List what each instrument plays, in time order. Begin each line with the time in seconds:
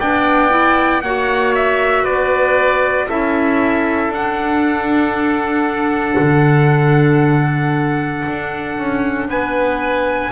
0.00 double bass B3, clarinet D4, oboe D5, trumpet G5
0.50 clarinet E4
1.02 double bass A#3, clarinet F#4, oboe C#5, trumpet F#5
1.55 trumpet E5
2.04 double bass B3, oboe B4, trumpet D5
3.08 double bass C#4, clarinet E4, oboe A4, trumpet E5
4.09 double bass D4, clarinet D4, trumpet F#5
6.20 double bass D3
8.29 double bass D4
8.78 double bass C#4
9.28 double bass B3, oboe B4, trumpet G#5